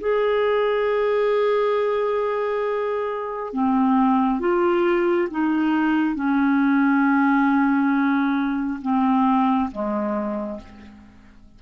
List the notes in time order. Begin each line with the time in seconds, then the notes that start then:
0.00 G#4
3.53 C4
4.40 F4
5.31 D#4
6.15 C#4
8.82 C4
9.71 G#3